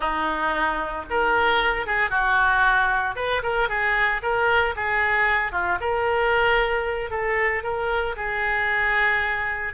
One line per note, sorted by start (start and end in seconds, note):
0.00 1.05 D#4
1.10 1.86 A#4
1.86 2.10 G#4
2.10 3.15 F#4
3.15 3.42 B4
3.42 3.68 A#4
3.68 4.21 G#4
4.22 4.75 A#4
4.76 5.52 G#4
5.52 5.78 F4
5.80 7.10 A#4
7.10 7.63 A4
7.63 8.15 A#4
8.16 9.73 G#4